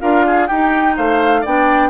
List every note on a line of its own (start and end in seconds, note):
0.00 0.50 D4
0.00 0.48 F4
0.00 0.25 A#4
0.00 0.47 F5
0.26 0.48 G#4
0.47 0.97 D#4
0.47 1.44 D#4
0.47 0.96 G4
0.47 0.95 G5
0.96 1.45 A3
0.96 1.41 C5
0.96 1.45 F5
1.41 1.89 B3
1.41 1.89 D4
1.41 1.89 D5
1.41 1.89 G5